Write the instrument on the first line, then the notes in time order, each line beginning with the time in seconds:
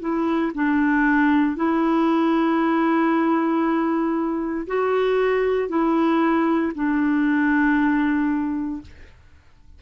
clarinet
0.00 E4
0.55 D4
1.56 E4
4.67 F#4
5.69 E4
6.75 D4